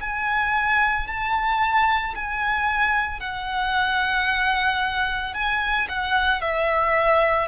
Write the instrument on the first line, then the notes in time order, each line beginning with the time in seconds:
violin
0.00 G#5
1.07 A5
2.15 G#5
3.20 F#5
5.34 G#5
5.89 F#5
6.41 E5